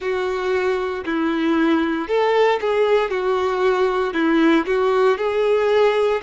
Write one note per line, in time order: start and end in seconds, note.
0.00 1.04 F#4
1.05 2.07 E4
2.07 2.59 A4
2.61 3.10 G#4
3.10 4.13 F#4
4.13 4.65 E4
4.66 5.17 F#4
5.17 6.21 G#4